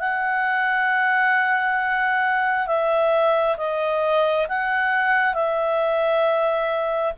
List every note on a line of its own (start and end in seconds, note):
0.00 2.67 F#5
2.67 3.57 E5
3.57 4.47 D#5
4.49 5.34 F#5
5.34 7.13 E5